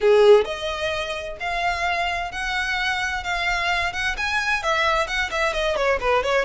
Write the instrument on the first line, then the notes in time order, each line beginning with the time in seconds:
violin
0.00 G#4
0.44 D#5
1.40 F5
2.31 F#5
3.23 F5
3.93 F#5
4.17 G#5
4.62 E5
5.07 F#5
5.30 E5
5.53 D#5
5.76 C#5
6.00 B4
6.23 C#5